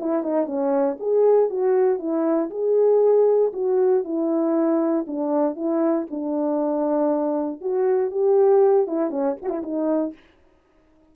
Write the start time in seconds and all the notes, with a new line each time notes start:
0.00 E4
0.23 D#4
0.46 C#4
0.99 G#4
1.50 F#4
1.99 E4
2.51 G#4
3.53 F#4
4.04 E4
5.07 D4
5.56 E4
6.11 D4
7.61 F#4
8.11 G4
8.87 E4
9.10 C#4
9.43 F#4
9.49 E4
9.63 D#4